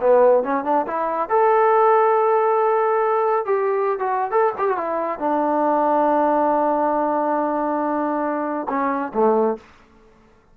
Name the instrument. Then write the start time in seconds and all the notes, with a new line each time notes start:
trombone
0.00 B3
0.43 C#4
0.64 D4
0.86 E4
1.29 A4
3.45 G4
3.99 F#4
4.31 A4
4.58 G4
4.68 F#4
4.77 E4
5.19 D4
8.68 C#4
9.13 A3